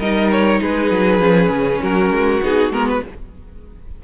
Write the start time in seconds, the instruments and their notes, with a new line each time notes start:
0.00 cello G3, viola D#4, violin A#4 D#5
0.31 violin C#5
0.61 cello G#3, violin G#4 B4
0.91 cello F#3
1.19 cello F3, viola C#4
1.50 cello C#3
1.83 cello F#3, violin F#4 A#4
2.11 cello G#3
2.42 cello B3, viola D#4, violin G#4
2.70 cello G#3, viola B3, violin A#4
2.89 violin B4